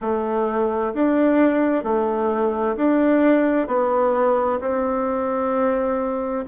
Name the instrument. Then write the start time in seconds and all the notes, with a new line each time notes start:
bassoon
0.01 A3
0.94 D4
1.83 A3
2.76 D4
3.67 B3
4.60 C4